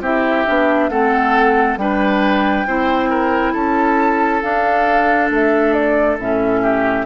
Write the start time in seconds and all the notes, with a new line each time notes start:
0.00 C4 E4 G4 E5
0.46 B3 D4
0.89 A3 C4 A4 F#5
1.77 G3 D4 B4 G5
2.66 C4 E4 C5
3.09 A#4
3.52 C#4 A4 A5
4.42 D4 F5
5.30 A3 E5
5.73 D5
6.19 A2 C#4 E5
6.62 G4